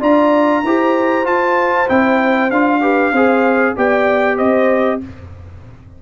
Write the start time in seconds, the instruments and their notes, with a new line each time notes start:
0.00 tuba D4, trombone F4, horn D5, trumpet A#5
0.64 tuba E4, trombone G4, horn C5
1.24 trombone F4, tuba F4, trumpet A5
1.88 tuba C4, trombone E4, trumpet G5
2.50 tuba D4, trombone F4, trumpet F5
2.81 trombone G4, horn B4
3.12 tuba C4, trombone G#4, horn C5
3.76 tuba B3, trombone G4, horn D5, trumpet G5
4.36 tuba C4, horn C5, trumpet D#5